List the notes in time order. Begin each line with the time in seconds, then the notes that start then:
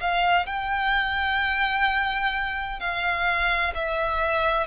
0.00 F5
0.46 G5
2.80 F5
3.74 E5